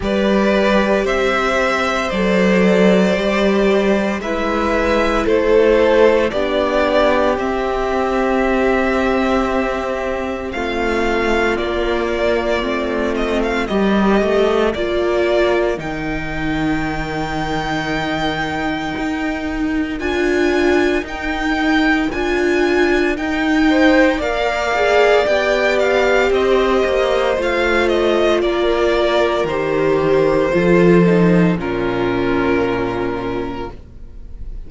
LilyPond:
<<
  \new Staff \with { instrumentName = "violin" } { \time 4/4 \tempo 4 = 57 d''4 e''4 d''2 | e''4 c''4 d''4 e''4~ | e''2 f''4 d''4~ | d''8 dis''16 f''16 dis''4 d''4 g''4~ |
g''2. gis''4 | g''4 gis''4 g''4 f''4 | g''8 f''8 dis''4 f''8 dis''8 d''4 | c''2 ais'2 | }
  \new Staff \with { instrumentName = "violin" } { \time 4/4 b'4 c''2. | b'4 a'4 g'2~ | g'2 f'2~ | f'4 ais'2.~ |
ais'1~ | ais'2~ ais'8 c''8 d''4~ | d''4 c''2 ais'4~ | ais'4 a'4 f'2 | }
  \new Staff \with { instrumentName = "viola" } { \time 4/4 g'2 a'4 g'4 | e'2 d'4 c'4~ | c'2. ais4 | c'4 g'4 f'4 dis'4~ |
dis'2. f'4 | dis'4 f'4 dis'4 ais'8 gis'8 | g'2 f'2 | g'4 f'8 dis'8 cis'2 | }
  \new Staff \with { instrumentName = "cello" } { \time 4/4 g4 c'4 fis4 g4 | gis4 a4 b4 c'4~ | c'2 a4 ais4 | a4 g8 a8 ais4 dis4~ |
dis2 dis'4 d'4 | dis'4 d'4 dis'4 ais4 | b4 c'8 ais8 a4 ais4 | dis4 f4 ais,2 | }
>>